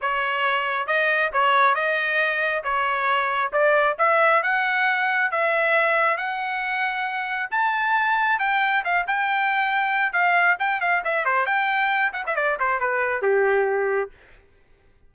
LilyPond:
\new Staff \with { instrumentName = "trumpet" } { \time 4/4 \tempo 4 = 136 cis''2 dis''4 cis''4 | dis''2 cis''2 | d''4 e''4 fis''2 | e''2 fis''2~ |
fis''4 a''2 g''4 | f''8 g''2~ g''8 f''4 | g''8 f''8 e''8 c''8 g''4. fis''16 e''16 | d''8 c''8 b'4 g'2 | }